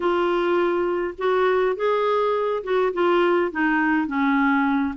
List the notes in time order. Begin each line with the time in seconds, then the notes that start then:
0.00 F4
1.18 F#4
1.76 G#4
2.63 F#4
2.93 F4
3.51 D#4
4.07 C#4